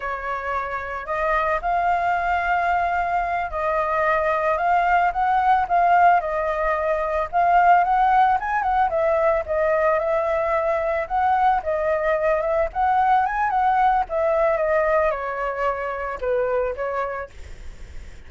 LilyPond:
\new Staff \with { instrumentName = "flute" } { \time 4/4 \tempo 4 = 111 cis''2 dis''4 f''4~ | f''2~ f''8 dis''4.~ | dis''8 f''4 fis''4 f''4 dis''8~ | dis''4. f''4 fis''4 gis''8 |
fis''8 e''4 dis''4 e''4.~ | e''8 fis''4 dis''4. e''8 fis''8~ | fis''8 gis''8 fis''4 e''4 dis''4 | cis''2 b'4 cis''4 | }